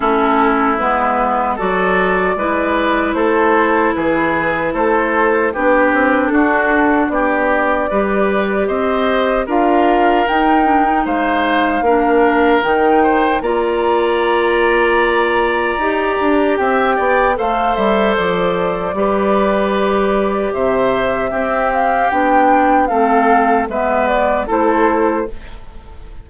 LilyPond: <<
  \new Staff \with { instrumentName = "flute" } { \time 4/4 \tempo 4 = 76 a'4 b'4 d''2 | c''4 b'4 c''4 b'4 | a'4 d''2 dis''4 | f''4 g''4 f''2 |
g''4 ais''2.~ | ais''4 g''4 f''8 e''8 d''4~ | d''2 e''4. f''8 | g''4 f''4 e''8 d''8 c''4 | }
  \new Staff \with { instrumentName = "oboe" } { \time 4/4 e'2 a'4 b'4 | a'4 gis'4 a'4 g'4 | fis'4 g'4 b'4 c''4 | ais'2 c''4 ais'4~ |
ais'8 c''8 d''2.~ | d''4 e''8 d''8 c''2 | b'2 c''4 g'4~ | g'4 a'4 b'4 a'4 | }
  \new Staff \with { instrumentName = "clarinet" } { \time 4/4 cis'4 b4 fis'4 e'4~ | e'2. d'4~ | d'2 g'2 | f'4 dis'8 d'16 dis'4~ dis'16 d'4 |
dis'4 f'2. | g'2 a'2 | g'2. c'4 | d'4 c'4 b4 e'4 | }
  \new Staff \with { instrumentName = "bassoon" } { \time 4/4 a4 gis4 fis4 gis4 | a4 e4 a4 b8 c'8 | d'4 b4 g4 c'4 | d'4 dis'4 gis4 ais4 |
dis4 ais2. | dis'8 d'8 c'8 b8 a8 g8 f4 | g2 c4 c'4 | b4 a4 gis4 a4 | }
>>